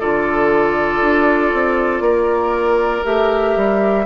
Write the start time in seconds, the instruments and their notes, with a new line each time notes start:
0.00 bassoon D3, clarinet F4, oboe A4, flute D5
1.01 bassoon D4
1.53 bassoon C4
2.00 bassoon A#3, oboe A#4
3.04 bassoon A3, clarinet G4, flute E5
3.56 bassoon G3